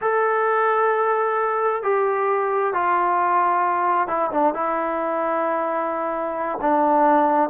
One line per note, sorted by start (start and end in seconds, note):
0.01 1.82 A4
1.82 2.73 G4
2.73 4.07 F4
4.07 4.30 E4
4.31 4.54 D4
4.54 6.58 E4
6.61 7.49 D4